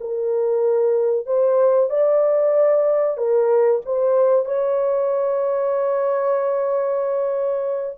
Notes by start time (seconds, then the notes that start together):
0.00 A#4
1.26 C5
1.90 D5
3.17 A#4
3.85 C5
4.46 C#5